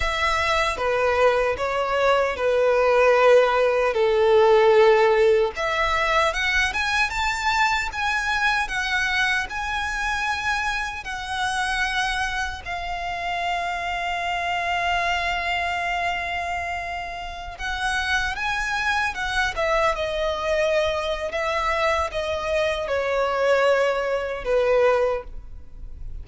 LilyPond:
\new Staff \with { instrumentName = "violin" } { \time 4/4 \tempo 4 = 76 e''4 b'4 cis''4 b'4~ | b'4 a'2 e''4 | fis''8 gis''8 a''4 gis''4 fis''4 | gis''2 fis''2 |
f''1~ | f''2~ f''16 fis''4 gis''8.~ | gis''16 fis''8 e''8 dis''4.~ dis''16 e''4 | dis''4 cis''2 b'4 | }